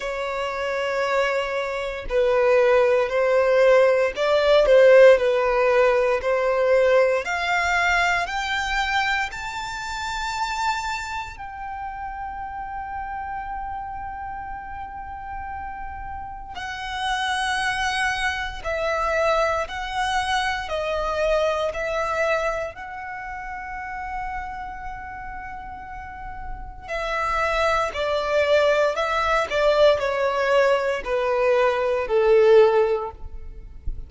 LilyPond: \new Staff \with { instrumentName = "violin" } { \time 4/4 \tempo 4 = 58 cis''2 b'4 c''4 | d''8 c''8 b'4 c''4 f''4 | g''4 a''2 g''4~ | g''1 |
fis''2 e''4 fis''4 | dis''4 e''4 fis''2~ | fis''2 e''4 d''4 | e''8 d''8 cis''4 b'4 a'4 | }